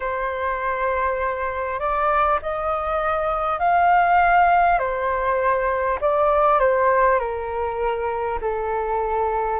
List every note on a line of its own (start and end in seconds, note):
0.00 1.79 C5
1.79 2.39 D5
2.42 3.59 D#5
3.59 4.78 F5
4.78 5.98 C5
6.01 6.59 D5
6.59 7.19 C5
7.19 8.39 A#4
8.41 9.59 A4